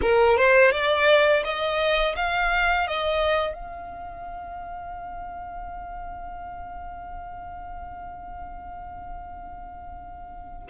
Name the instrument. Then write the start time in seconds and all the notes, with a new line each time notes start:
violin
0.01 A#4
0.37 C5
0.71 D5
1.44 D#5
2.16 F5
2.87 D#5
3.53 F5